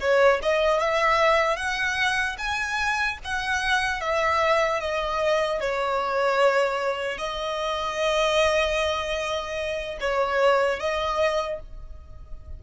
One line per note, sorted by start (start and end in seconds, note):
0.00 0.40 C#5
0.43 0.80 D#5
0.80 1.56 E5
1.56 2.36 F#5
2.38 3.18 G#5
3.24 4.01 F#5
4.01 4.80 E5
4.80 5.60 D#5
5.60 7.18 C#5
7.18 9.98 D#5
10.00 10.80 C#5
10.80 11.60 D#5